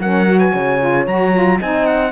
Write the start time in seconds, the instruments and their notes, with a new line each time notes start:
0.00 cello F#3, saxophone C#4, horn A#4, trumpet F#5
0.27 saxophone F#4
0.39 horn B4, trumpet G#5
0.53 cello C#3, horn C#5
0.80 saxophone F4
1.07 cello F#3, saxophone F#4, trumpet A#5
1.33 saxophone F4
1.59 cello C4, saxophone D#4, horn D#5, trumpet G#5
1.87 trumpet F#5